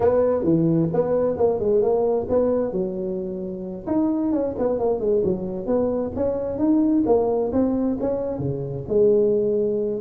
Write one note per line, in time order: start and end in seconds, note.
0.00 0.43 B3
0.43 0.89 E3
0.93 1.37 B3
1.37 1.59 A#3
1.59 1.82 G#3
1.82 2.27 A#3
2.29 2.72 B3
2.72 3.85 F#3
3.87 4.32 D#4
4.32 4.55 C#4
4.58 4.79 B3
4.79 5.00 A#3
5.00 5.23 G#3
5.24 5.66 F#3
5.66 6.11 B3
6.15 6.58 C#4
6.58 7.03 D#4
7.06 7.51 A#3
7.52 7.97 C4
8.00 8.39 C#4
8.39 8.84 C#3
8.88 10.00 G#3